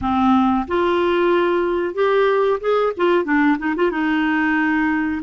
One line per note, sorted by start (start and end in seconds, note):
0.01 0.66 C4
0.67 1.94 F4
1.94 2.59 G4
2.60 2.93 G#4
2.96 3.24 F4
3.24 3.57 D4
3.58 3.74 D#4
3.75 3.91 F4
3.91 5.21 D#4